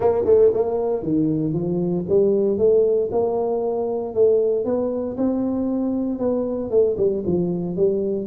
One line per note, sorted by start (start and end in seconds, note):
0.00 0.24 A#3
0.25 0.51 A3
0.53 1.03 A#3
1.03 1.53 D#3
1.53 2.05 F3
2.08 2.57 G3
2.57 3.09 A3
3.11 4.14 A#3
4.14 4.64 A3
4.64 5.16 B3
5.17 6.18 C4
6.18 6.70 B3
6.70 6.96 A3
6.97 7.23 G3
7.25 7.76 F3
7.76 8.26 G3